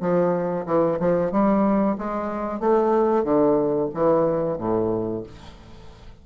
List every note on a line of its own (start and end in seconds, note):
0.00 0.65 F3
0.66 0.98 E3
0.99 1.31 F3
1.31 1.97 G3
1.97 2.59 G#3
2.59 3.24 A3
3.24 3.89 D3
3.93 4.57 E3
4.57 5.23 A2